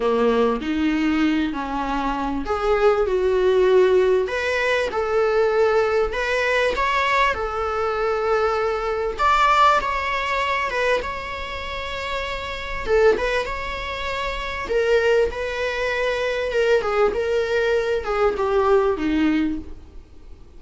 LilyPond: \new Staff \with { instrumentName = "viola" } { \time 4/4 \tempo 4 = 98 ais4 dis'4. cis'4. | gis'4 fis'2 b'4 | a'2 b'4 cis''4 | a'2. d''4 |
cis''4. b'8 cis''2~ | cis''4 a'8 b'8 cis''2 | ais'4 b'2 ais'8 gis'8 | ais'4. gis'8 g'4 dis'4 | }